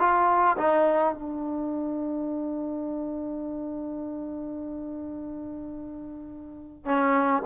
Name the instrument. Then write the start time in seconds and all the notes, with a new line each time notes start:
trombone
0.00 F4
0.58 D#4
1.15 D4
6.86 C#4